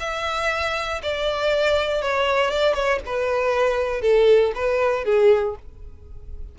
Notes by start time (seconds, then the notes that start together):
0.00 E5
1.03 D5
2.02 C#5
2.51 D5
2.74 C#5
3.06 B4
4.01 A4
4.55 B4
5.05 G#4